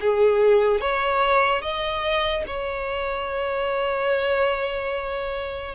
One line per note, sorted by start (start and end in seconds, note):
0.00 0.80 G#4
0.80 1.61 C#5
1.61 2.43 D#5
2.46 5.74 C#5